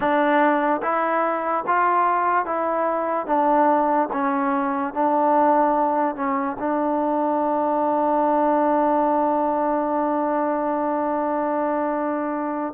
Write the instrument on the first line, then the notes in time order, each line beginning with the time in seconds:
trombone
0.00 D4
0.82 E4
1.67 F4
2.45 E4
3.26 D4
4.12 C#4
4.93 D4
6.15 C#4
6.59 D4